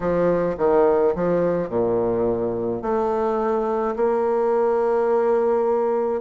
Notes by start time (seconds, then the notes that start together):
0.00 F3
0.57 D#3
1.15 F3
1.68 A#2
2.81 A3
3.96 A#3